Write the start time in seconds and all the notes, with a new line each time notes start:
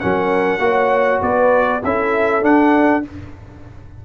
0.00 F#3 C#4 A#4 F#5
0.59 A#3 F#4 C#5
1.22 B3 B4 D5
1.84 C#4 E4 A4 E5
2.42 D4 F#5